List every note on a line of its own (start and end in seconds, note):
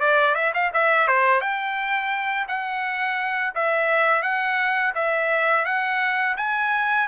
0.00 0.35 D5
0.35 0.52 E5
0.54 0.72 F5
0.73 1.07 E5
1.07 1.41 C5
1.41 2.47 G5
2.48 3.54 F#5
3.55 4.23 E5
4.23 4.93 F#5
4.95 5.65 E5
5.65 6.36 F#5
6.37 7.07 G#5